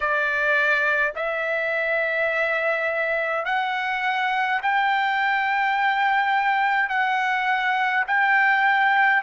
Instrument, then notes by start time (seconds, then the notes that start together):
trumpet
0.00 D5
1.15 E5
3.45 F#5
4.62 G5
6.89 F#5
8.07 G5